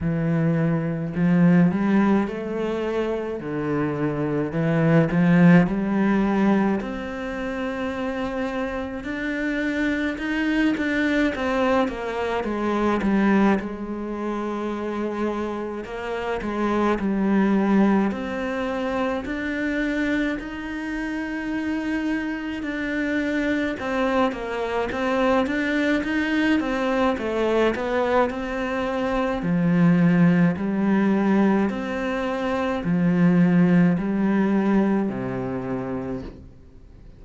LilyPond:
\new Staff \with { instrumentName = "cello" } { \time 4/4 \tempo 4 = 53 e4 f8 g8 a4 d4 | e8 f8 g4 c'2 | d'4 dis'8 d'8 c'8 ais8 gis8 g8 | gis2 ais8 gis8 g4 |
c'4 d'4 dis'2 | d'4 c'8 ais8 c'8 d'8 dis'8 c'8 | a8 b8 c'4 f4 g4 | c'4 f4 g4 c4 | }